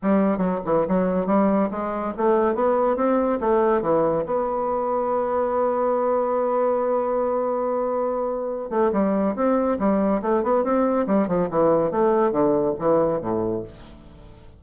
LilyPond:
\new Staff \with { instrumentName = "bassoon" } { \time 4/4 \tempo 4 = 141 g4 fis8 e8 fis4 g4 | gis4 a4 b4 c'4 | a4 e4 b2~ | b1~ |
b1~ | b8 a8 g4 c'4 g4 | a8 b8 c'4 g8 f8 e4 | a4 d4 e4 a,4 | }